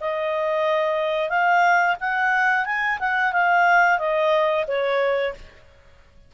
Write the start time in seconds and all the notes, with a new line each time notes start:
0.00 D#5
1.29 F5
2.00 F#5
2.65 G#5
2.99 F#5
3.32 F5
3.98 D#5
4.67 C#5